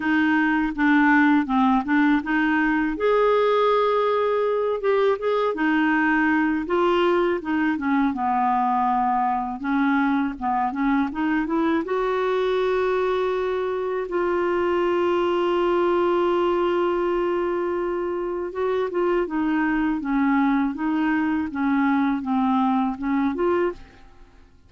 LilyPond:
\new Staff \with { instrumentName = "clarinet" } { \time 4/4 \tempo 4 = 81 dis'4 d'4 c'8 d'8 dis'4 | gis'2~ gis'8 g'8 gis'8 dis'8~ | dis'4 f'4 dis'8 cis'8 b4~ | b4 cis'4 b8 cis'8 dis'8 e'8 |
fis'2. f'4~ | f'1~ | f'4 fis'8 f'8 dis'4 cis'4 | dis'4 cis'4 c'4 cis'8 f'8 | }